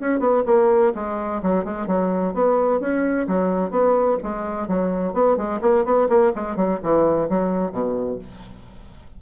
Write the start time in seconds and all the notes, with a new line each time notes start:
0.00 C#4
0.20 B3
0.46 A#3
0.95 G#3
1.43 F#3
1.64 G#3
1.87 F#3
2.34 B3
2.80 C#4
3.27 F#3
3.71 B3
4.23 G#3
4.68 F#3
5.13 B3
5.37 G#3
5.62 A#3
5.85 B3
6.09 A#3
6.35 G#3
6.56 F#3
6.83 E3
7.29 F#3
7.72 B2